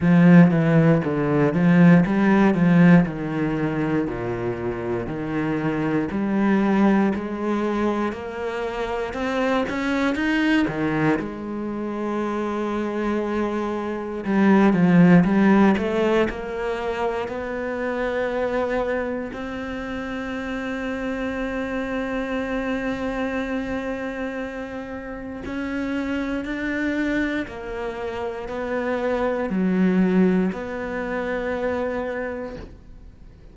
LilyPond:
\new Staff \with { instrumentName = "cello" } { \time 4/4 \tempo 4 = 59 f8 e8 d8 f8 g8 f8 dis4 | ais,4 dis4 g4 gis4 | ais4 c'8 cis'8 dis'8 dis8 gis4~ | gis2 g8 f8 g8 a8 |
ais4 b2 c'4~ | c'1~ | c'4 cis'4 d'4 ais4 | b4 fis4 b2 | }